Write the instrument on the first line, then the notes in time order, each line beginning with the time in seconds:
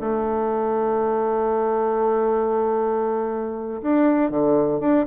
bassoon
0.00 A3
3.82 D4
4.30 D3
4.80 D4